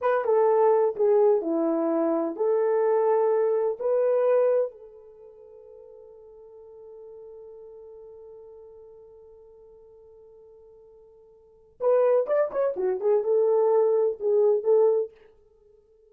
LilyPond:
\new Staff \with { instrumentName = "horn" } { \time 4/4 \tempo 4 = 127 b'8 a'4. gis'4 e'4~ | e'4 a'2. | b'2 a'2~ | a'1~ |
a'1~ | a'1~ | a'4 b'4 d''8 cis''8 fis'8 gis'8 | a'2 gis'4 a'4 | }